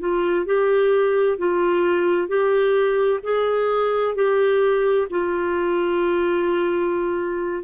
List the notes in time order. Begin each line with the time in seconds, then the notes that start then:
0.00 F4
0.46 G4
1.38 F4
2.28 G4
3.23 G#4
4.16 G4
5.10 F4